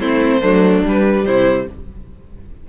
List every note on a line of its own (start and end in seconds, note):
0.00 0.42 A3
0.00 0.43 C4
0.00 0.41 E4
0.00 0.83 C5
0.41 0.84 F#3
0.41 0.84 A3
0.41 1.24 D4
0.85 1.27 G3
0.85 1.70 G3
0.85 1.26 B4
1.26 1.69 C3
1.26 1.69 E4
1.26 1.67 C5